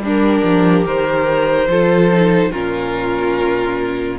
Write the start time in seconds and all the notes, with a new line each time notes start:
0.00 G3 D4 G4
0.07 A#4
0.44 F3
0.85 D#3 A#4 C5
1.67 F3 F4 A4
2.13 D#4
2.52 A#2 C#4 F4 A#4